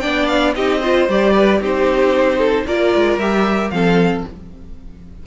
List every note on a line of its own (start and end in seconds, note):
0.00 0.56 B3
0.00 0.54 D4
0.00 0.54 D5
0.00 0.26 G5
0.27 0.53 F5
0.55 1.08 C4
0.55 0.82 D#4
0.55 0.80 G4
0.55 1.08 D#5
0.80 1.09 F4
0.80 1.33 C5
1.08 1.60 G3
1.08 1.62 G4
1.08 1.62 D5
1.34 1.60 B4
1.60 2.65 C4
1.60 2.67 D#4
1.60 2.38 G4
1.60 2.66 C5
2.38 2.64 A4
2.66 2.94 A#3
2.66 3.20 F4
2.66 3.72 A#4
2.66 3.19 D5
2.95 3.17 G#3
3.17 3.70 G3
3.17 3.72 G4
3.17 3.70 E5
3.70 4.24 F3
3.70 4.24 C4
3.70 4.26 A4
3.70 4.23 F5